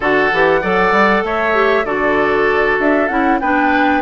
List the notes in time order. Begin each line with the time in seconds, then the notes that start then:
0.00 D3 F#4 A4 F#5
0.32 E3 G4
0.61 F#3 A4 D5
0.91 G3
1.23 A3 C#5 E5
1.53 G4
1.84 D3 F#4 A4 D5
2.79 D4 E5
3.08 C#4 E4 F#5
3.40 B3 D4 B4 G5